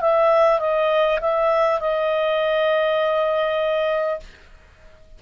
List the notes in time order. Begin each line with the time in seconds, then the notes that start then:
0.00 E5
0.59 D#5
1.20 E5
1.79 D#5